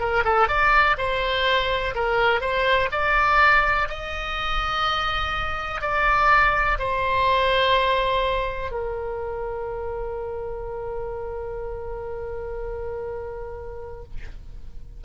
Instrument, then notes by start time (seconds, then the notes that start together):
oboe
0.00 A#4
0.25 A4
0.49 D5
0.98 C5
1.95 A#4
2.41 C5
2.92 D5
3.89 D#5
5.82 D5
6.79 C5
8.72 A#4